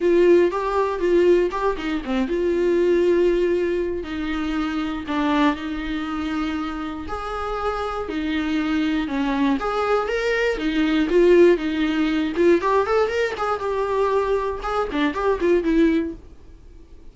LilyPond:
\new Staff \with { instrumentName = "viola" } { \time 4/4 \tempo 4 = 119 f'4 g'4 f'4 g'8 dis'8 | c'8 f'2.~ f'8 | dis'2 d'4 dis'4~ | dis'2 gis'2 |
dis'2 cis'4 gis'4 | ais'4 dis'4 f'4 dis'4~ | dis'8 f'8 g'8 a'8 ais'8 gis'8 g'4~ | g'4 gis'8 d'8 g'8 f'8 e'4 | }